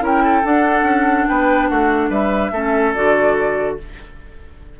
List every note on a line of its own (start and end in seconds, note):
0.00 0.43 C#4
0.00 0.42 E4
0.00 0.24 A#4
0.00 0.46 G5
0.24 1.28 A4
0.44 2.53 D4
0.44 0.82 D4
0.44 1.28 F#5
0.82 1.24 C#4
1.28 1.70 B3
1.28 1.69 B4
1.28 1.69 G5
1.69 2.10 A3
1.69 2.10 F#4
1.69 2.11 F#5
2.10 2.51 G3
2.10 2.51 B4
2.10 2.94 E5
2.51 2.93 A3
2.51 2.95 C#4
2.51 3.78 A4
2.94 3.80 D3
2.94 3.78 F#4
2.94 3.78 D5